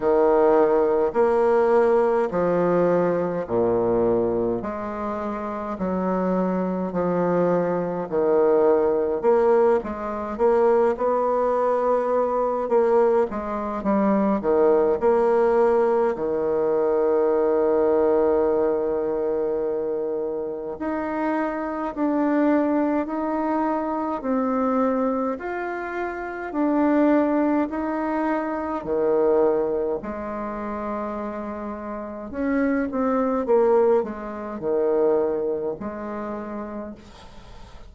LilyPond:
\new Staff \with { instrumentName = "bassoon" } { \time 4/4 \tempo 4 = 52 dis4 ais4 f4 ais,4 | gis4 fis4 f4 dis4 | ais8 gis8 ais8 b4. ais8 gis8 | g8 dis8 ais4 dis2~ |
dis2 dis'4 d'4 | dis'4 c'4 f'4 d'4 | dis'4 dis4 gis2 | cis'8 c'8 ais8 gis8 dis4 gis4 | }